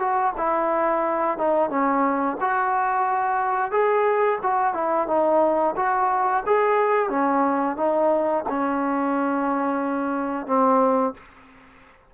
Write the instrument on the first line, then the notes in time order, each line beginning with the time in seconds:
trombone
0.00 F#4
0.38 E4
1.38 D#4
1.70 C#4
2.41 F#4
3.72 G#4
4.43 F#4
4.74 E4
5.08 D#4
5.76 F#4
6.47 G#4
7.10 C#4
7.77 D#4
8.49 C#4
10.47 C4